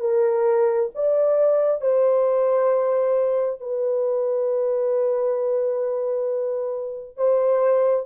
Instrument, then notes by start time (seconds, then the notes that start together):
horn
0.00 A#4
0.95 D5
1.81 C5
3.61 B4
7.17 C5